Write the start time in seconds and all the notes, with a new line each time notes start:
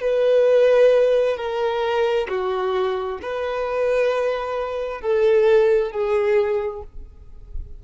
0.00 B4
1.36 A#4
2.28 F#4
3.21 B4
5.01 A4
5.91 G#4